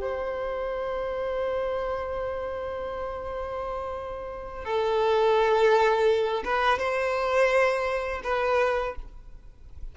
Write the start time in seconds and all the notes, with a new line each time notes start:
0.00 C5
4.65 A4
6.44 B4
6.79 C5
8.23 B4